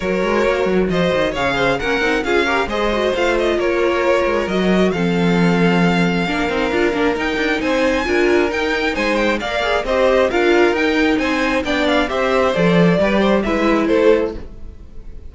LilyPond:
<<
  \new Staff \with { instrumentName = "violin" } { \time 4/4 \tempo 4 = 134 cis''2 dis''4 f''4 | fis''4 f''4 dis''4 f''8 dis''8 | cis''2 dis''4 f''4~ | f''1 |
g''4 gis''2 g''4 | gis''8 g''8 f''4 dis''4 f''4 | g''4 gis''4 g''8 f''8 e''4 | d''2 e''4 c''4 | }
  \new Staff \with { instrumentName = "violin" } { \time 4/4 ais'2 c''4 cis''8 c''8 | ais'4 gis'8 ais'8 c''2 | ais'2. a'4~ | a'2 ais'2~ |
ais'4 c''4 ais'2 | c''4 d''4 c''4 ais'4~ | ais'4 c''4 d''4 c''4~ | c''4 b'8 c''8 b'4 a'4 | }
  \new Staff \with { instrumentName = "viola" } { \time 4/4 fis'2. gis'4 | cis'8 dis'8 f'8 g'8 gis'8 fis'8 f'4~ | f'2 fis'4 c'4~ | c'2 d'8 dis'8 f'8 d'8 |
dis'2 f'4 dis'4~ | dis'4 ais'8 gis'8 g'4 f'4 | dis'2 d'4 g'4 | a'4 g'4 e'2 | }
  \new Staff \with { instrumentName = "cello" } { \time 4/4 fis8 gis8 ais8 fis8 f8 dis8 cis4 | ais8 c'8 cis'4 gis4 a4 | ais4. gis8 fis4 f4~ | f2 ais8 c'8 d'8 ais8 |
dis'8 d'8 c'4 d'4 dis'4 | gis4 ais4 c'4 d'4 | dis'4 c'4 b4 c'4 | f4 g4 gis4 a4 | }
>>